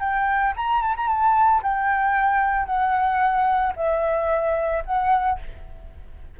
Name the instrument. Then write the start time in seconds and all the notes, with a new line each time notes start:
flute
0.00 G5
0.56 A#5
0.82 A5
0.97 A#5
1.08 A5
1.63 G5
2.66 F#5
3.76 E5
4.86 F#5